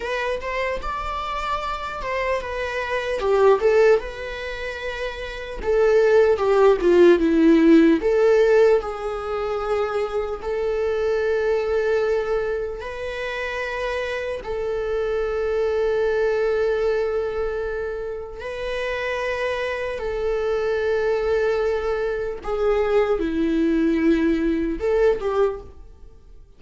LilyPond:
\new Staff \with { instrumentName = "viola" } { \time 4/4 \tempo 4 = 75 b'8 c''8 d''4. c''8 b'4 | g'8 a'8 b'2 a'4 | g'8 f'8 e'4 a'4 gis'4~ | gis'4 a'2. |
b'2 a'2~ | a'2. b'4~ | b'4 a'2. | gis'4 e'2 a'8 g'8 | }